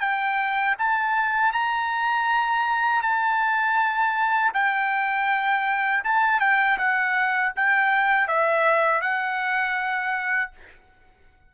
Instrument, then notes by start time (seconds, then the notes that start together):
trumpet
0.00 G5
0.78 A5
1.52 A#5
3.02 A5
4.54 G5
6.04 A5
6.40 G5
6.78 F#5
7.56 G5
8.27 E5
9.01 F#5